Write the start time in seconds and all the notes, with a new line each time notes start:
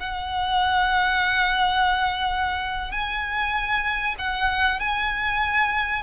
0.00 F#5
2.92 G#5
4.19 F#5
4.80 G#5